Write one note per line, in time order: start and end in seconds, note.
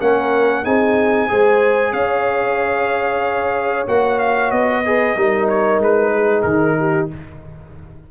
0.00 0.65 A#3
0.00 0.64 C#4
0.00 0.63 A#4
0.00 0.64 F#5
0.63 1.30 C4
0.63 1.28 D#4
0.63 1.27 G#4
0.63 1.92 G#5
1.28 1.92 G#3
1.28 3.86 G#4
1.28 1.92 C5
1.92 3.86 C#4
1.92 4.83 C#5
1.92 3.86 F5
3.87 4.51 A#3
3.87 4.84 F#4
3.87 4.19 F#5
4.19 4.51 F5
4.51 5.16 B3
4.51 5.47 D#5
4.85 5.17 G#4
4.85 5.16 B4
5.16 5.78 G3
5.16 7.10 D#4
5.16 6.12 A#4
5.48 5.81 C#5
5.78 6.43 G#3
5.78 6.42 B4
6.12 6.77 G#4
6.42 7.08 D#3
6.42 7.06 A#4
6.78 7.10 G4